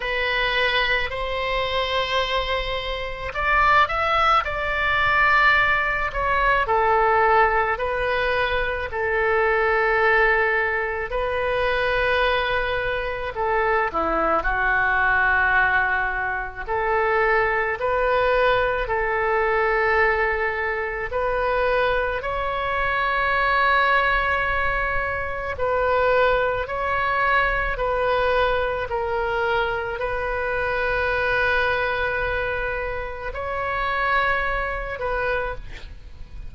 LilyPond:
\new Staff \with { instrumentName = "oboe" } { \time 4/4 \tempo 4 = 54 b'4 c''2 d''8 e''8 | d''4. cis''8 a'4 b'4 | a'2 b'2 | a'8 e'8 fis'2 a'4 |
b'4 a'2 b'4 | cis''2. b'4 | cis''4 b'4 ais'4 b'4~ | b'2 cis''4. b'8 | }